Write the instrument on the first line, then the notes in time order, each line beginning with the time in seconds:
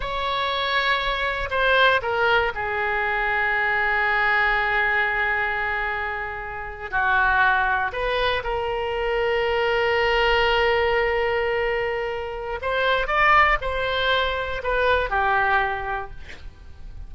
oboe
0.00 C#5
1.50 C5
2.02 A#4
2.55 G#4
6.91 F#4
7.92 B4
8.43 A#4
12.61 C5
13.07 D5
13.61 C5
14.63 B4
15.10 G4